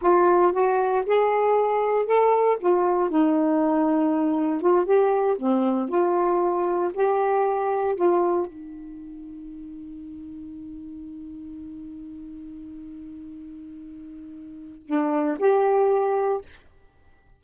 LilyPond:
\new Staff \with { instrumentName = "saxophone" } { \time 4/4 \tempo 4 = 117 f'4 fis'4 gis'2 | a'4 f'4 dis'2~ | dis'4 f'8 g'4 c'4 f'8~ | f'4. g'2 f'8~ |
f'8 dis'2.~ dis'8~ | dis'1~ | dis'1~ | dis'4 d'4 g'2 | }